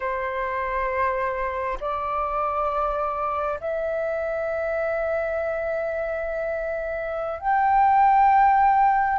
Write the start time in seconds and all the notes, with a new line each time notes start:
0.00 C5
1.80 D5
3.60 E5
7.40 G5